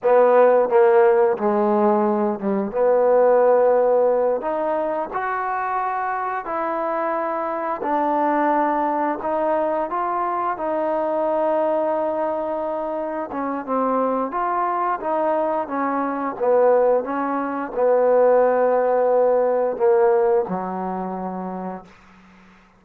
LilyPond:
\new Staff \with { instrumentName = "trombone" } { \time 4/4 \tempo 4 = 88 b4 ais4 gis4. g8 | b2~ b8 dis'4 fis'8~ | fis'4. e'2 d'8~ | d'4. dis'4 f'4 dis'8~ |
dis'2.~ dis'8 cis'8 | c'4 f'4 dis'4 cis'4 | b4 cis'4 b2~ | b4 ais4 fis2 | }